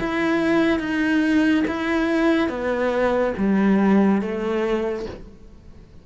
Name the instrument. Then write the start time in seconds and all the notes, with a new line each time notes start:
cello
0.00 E4
0.80 D#4
1.68 E4
2.49 B3
3.38 G3
4.22 A3